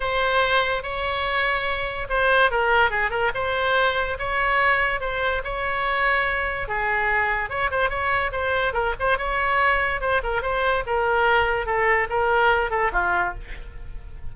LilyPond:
\new Staff \with { instrumentName = "oboe" } { \time 4/4 \tempo 4 = 144 c''2 cis''2~ | cis''4 c''4 ais'4 gis'8 ais'8 | c''2 cis''2 | c''4 cis''2. |
gis'2 cis''8 c''8 cis''4 | c''4 ais'8 c''8 cis''2 | c''8 ais'8 c''4 ais'2 | a'4 ais'4. a'8 f'4 | }